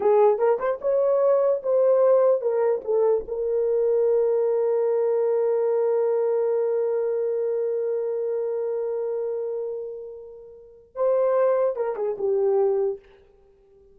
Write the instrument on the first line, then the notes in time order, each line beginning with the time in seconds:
horn
0.00 G#4
0.38 A#4
0.59 C5
0.81 C#5
1.62 C5
2.41 A#4
2.84 A4
3.27 A#4
10.95 C5
11.76 A#4
11.96 G#4
12.18 G4